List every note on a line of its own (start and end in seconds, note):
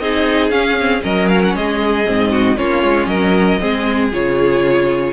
0.00 0.51 C4
0.00 0.52 D#4
0.00 1.04 G#4
0.00 0.51 D#5
0.51 1.02 C#4
0.51 0.77 C#4
0.51 1.02 F5
0.81 1.02 C4
1.02 1.55 F#3
1.02 2.04 C#4
1.02 1.55 A#4
1.02 1.29 D#5
1.29 1.42 F5
1.45 1.56 F#5
1.55 2.07 G#3
1.55 2.32 G#4
1.55 2.58 D#5
2.06 2.59 G#2
2.06 2.57 C4
2.32 2.57 F#4
2.57 2.83 A#3
2.57 3.60 C#4
2.57 3.09 F4
2.57 3.07 C#5
2.83 3.07 G#3
3.07 3.58 F#3
3.07 3.60 A#4
3.07 4.09 D#5
3.60 4.13 G#3
3.60 4.12 C4
3.60 5.13 G#4
4.12 5.13 C#3
4.12 5.13 F4
4.12 5.13 C#5